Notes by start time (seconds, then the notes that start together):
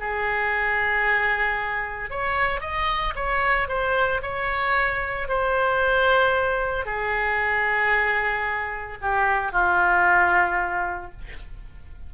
0.00 G#4
2.10 C#5
2.61 D#5
3.16 C#5
3.69 C5
4.23 C#5
5.29 C5
6.86 G#4
9.02 G4
9.52 F4